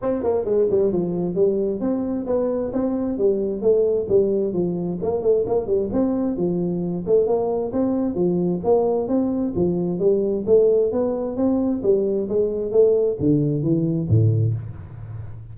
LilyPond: \new Staff \with { instrumentName = "tuba" } { \time 4/4 \tempo 4 = 132 c'8 ais8 gis8 g8 f4 g4 | c'4 b4 c'4 g4 | a4 g4 f4 ais8 a8 | ais8 g8 c'4 f4. a8 |
ais4 c'4 f4 ais4 | c'4 f4 g4 a4 | b4 c'4 g4 gis4 | a4 d4 e4 a,4 | }